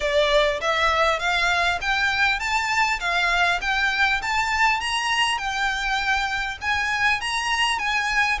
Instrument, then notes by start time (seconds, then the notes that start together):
violin
0.00 D5
0.60 E5
1.19 F5
1.81 G5
2.39 A5
2.99 F5
3.61 G5
4.22 A5
4.80 A#5
5.38 G5
6.61 G#5
7.20 A#5
7.78 G#5